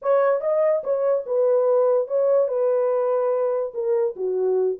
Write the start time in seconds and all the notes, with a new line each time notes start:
0.02 C#5
0.40 D#5
0.83 C#5
1.26 B4
2.07 C#5
2.48 B4
3.74 A#4
4.16 F#4